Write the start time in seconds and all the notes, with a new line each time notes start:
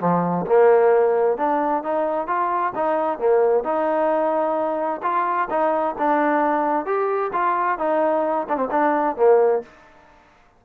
0.00 F3
0.47 A#3
1.38 D4
1.84 D#4
2.27 F4
2.75 D#4
3.19 A#3
3.64 D#4
5.03 F4
5.50 D#4
5.98 D4
6.86 G4
7.33 F4
7.79 D#4
8.49 D4
8.57 C4
8.71 D4
9.17 A#3